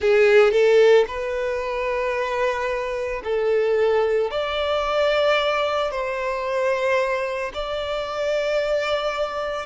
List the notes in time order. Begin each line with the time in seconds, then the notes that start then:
0.00 G#4
0.51 A4
1.07 B4
3.23 A4
4.31 D5
5.91 C5
7.54 D5